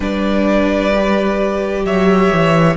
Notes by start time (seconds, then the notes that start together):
0.00 G3 D4 B4 D5
0.94 G4
1.84 F#3 C#5 E5
2.32 E3